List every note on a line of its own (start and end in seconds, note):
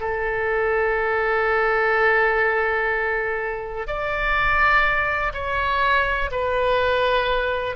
0.00 3.87 A4
3.87 5.32 D5
5.34 6.30 C#5
6.31 7.76 B4